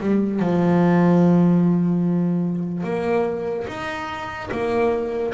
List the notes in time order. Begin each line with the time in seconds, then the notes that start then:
0.00 G3
0.40 F3
2.84 A#3
3.68 D#4
4.51 A#3